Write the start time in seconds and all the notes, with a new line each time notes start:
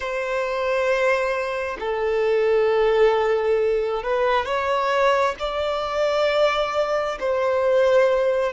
0.00 C5
1.79 A4
4.03 B4
4.45 C#5
5.39 D5
7.20 C5